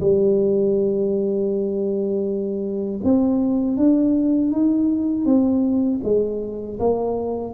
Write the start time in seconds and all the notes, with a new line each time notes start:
0.00 G3
3.04 C4
3.77 D4
4.51 D#4
5.25 C4
6.03 G#3
6.79 A#3